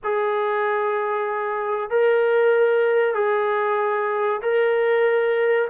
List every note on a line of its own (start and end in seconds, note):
0.03 1.89 G#4
1.89 3.14 A#4
3.14 4.40 G#4
4.42 5.68 A#4